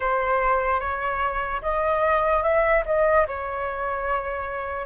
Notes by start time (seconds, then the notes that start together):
0.00 C5
0.80 C#5
1.62 D#5
2.43 E5
2.85 D#5
3.27 C#5